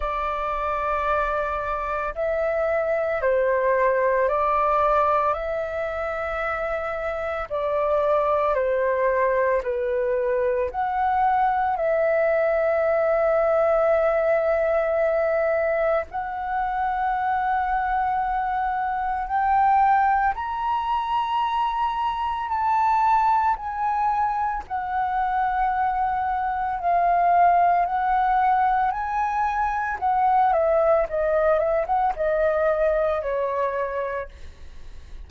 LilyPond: \new Staff \with { instrumentName = "flute" } { \time 4/4 \tempo 4 = 56 d''2 e''4 c''4 | d''4 e''2 d''4 | c''4 b'4 fis''4 e''4~ | e''2. fis''4~ |
fis''2 g''4 ais''4~ | ais''4 a''4 gis''4 fis''4~ | fis''4 f''4 fis''4 gis''4 | fis''8 e''8 dis''8 e''16 fis''16 dis''4 cis''4 | }